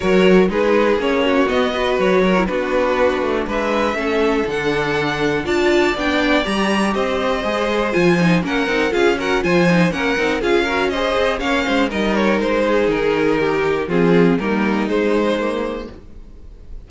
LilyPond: <<
  \new Staff \with { instrumentName = "violin" } { \time 4/4 \tempo 4 = 121 cis''4 b'4 cis''4 dis''4 | cis''4 b'2 e''4~ | e''4 fis''2 a''4 | g''4 ais''4 dis''2 |
gis''4 fis''4 f''8 fis''8 gis''4 | fis''4 f''4 dis''4 f''4 | dis''8 cis''8 c''4 ais'2 | gis'4 ais'4 c''2 | }
  \new Staff \with { instrumentName = "violin" } { \time 4/4 ais'4 gis'4. fis'4 b'8~ | b'8 ais'8 fis'2 b'4 | a'2. d''4~ | d''2 c''2~ |
c''4 ais'4 gis'8 ais'8 c''4 | ais'4 gis'8 ais'8 c''4 cis''8 c''8 | ais'4. gis'4. g'4 | f'4 dis'2. | }
  \new Staff \with { instrumentName = "viola" } { \time 4/4 fis'4 dis'4 cis'4 b8 fis'8~ | fis'8. e'16 d'2. | cis'4 d'2 f'4 | d'4 g'2 gis'4 |
f'8 dis'8 cis'8 dis'8 f'8 fis'8 f'8 dis'8 | cis'8 dis'8 f'8 fis'8 gis'4 cis'4 | dis'1 | c'4 ais4 gis4 ais4 | }
  \new Staff \with { instrumentName = "cello" } { \time 4/4 fis4 gis4 ais4 b4 | fis4 b4. a8 gis4 | a4 d2 d'4 | b4 g4 c'4 gis4 |
f4 ais8 c'8 cis'4 f4 | ais8 c'8 cis'4. c'8 ais8 gis8 | g4 gis4 dis2 | f4 g4 gis2 | }
>>